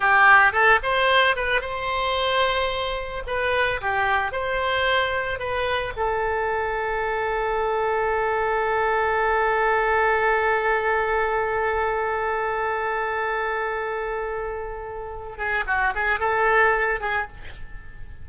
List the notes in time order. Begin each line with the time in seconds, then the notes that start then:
0.00 G4
0.52 A4
0.83 C5
1.36 B4
1.61 C5
3.26 B4
3.81 G4
4.31 C5
5.39 B4
5.96 A4
15.37 G#4
15.66 F#4
15.95 G#4
16.19 A4
17.00 G#4